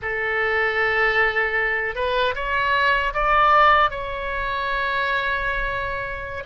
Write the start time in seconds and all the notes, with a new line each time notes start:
0.02 A4
1.95 B4
2.35 C#5
3.13 D5
3.90 C#5